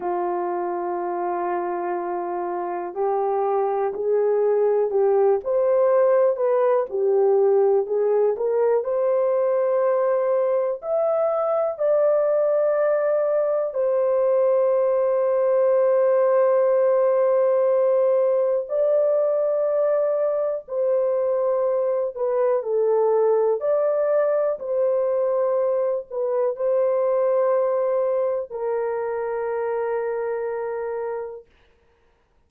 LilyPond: \new Staff \with { instrumentName = "horn" } { \time 4/4 \tempo 4 = 61 f'2. g'4 | gis'4 g'8 c''4 b'8 g'4 | gis'8 ais'8 c''2 e''4 | d''2 c''2~ |
c''2. d''4~ | d''4 c''4. b'8 a'4 | d''4 c''4. b'8 c''4~ | c''4 ais'2. | }